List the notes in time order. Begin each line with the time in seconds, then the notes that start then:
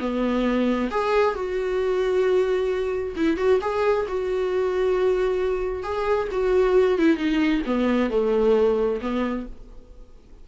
0.00 B3
0.91 G#4
1.35 F#4
3.16 E4
3.37 F#4
3.62 G#4
4.08 F#4
5.83 G#4
6.32 F#4
6.99 E4
7.17 D#4
7.67 B3
8.10 A3
9.02 B3